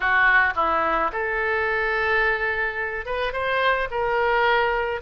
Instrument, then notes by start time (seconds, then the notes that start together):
oboe
0.00 F#4
0.55 E4
1.12 A4
3.05 B4
3.32 C5
3.90 A#4